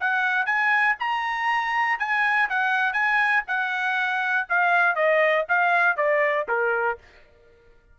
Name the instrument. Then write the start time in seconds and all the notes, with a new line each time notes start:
trumpet
0.00 F#5
0.45 G#5
0.99 A#5
1.99 G#5
2.49 F#5
2.93 G#5
3.47 F#5
4.49 F5
4.95 D#5
5.48 F5
5.97 D5
6.48 A#4